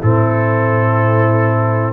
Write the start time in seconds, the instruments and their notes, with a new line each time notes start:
0.00 tuba A2, trombone C4, horn E4, trumpet A4